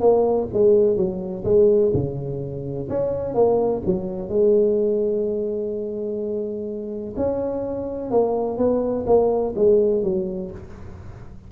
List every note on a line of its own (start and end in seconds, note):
0.00 0.48 A#3
0.53 0.97 G#3
0.97 1.44 F#3
1.45 1.92 G#3
1.94 2.89 C#3
2.89 3.34 C#4
3.34 3.82 A#3
3.86 4.29 F#3
4.29 7.15 G#3
7.17 8.11 C#4
8.11 8.58 A#3
8.58 9.05 B3
9.07 9.54 A#3
9.56 10.03 G#3
10.03 10.51 F#3